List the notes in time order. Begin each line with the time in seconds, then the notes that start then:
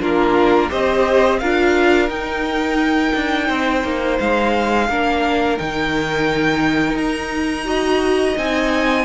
0.00 A#3 D4 F4 A#4
0.69 C4 G4 C5 D#5
1.39 D4 F4 A#4 F5
2.08 D#4 G5
3.15 D4
3.47 C4 C5
3.84 A#3
4.19 G#3 F5
4.88 A#3 D4 A#4
5.58 D#3 D#4 G5
6.94 D#4 A#5
7.65 F#4 D#5
8.37 C4 D#4 G#5